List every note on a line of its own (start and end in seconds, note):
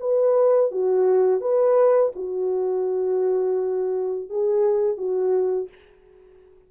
0.00 0.71 B4
0.71 1.40 F#4
1.40 2.12 B4
2.15 4.29 F#4
4.29 4.97 G#4
4.97 5.68 F#4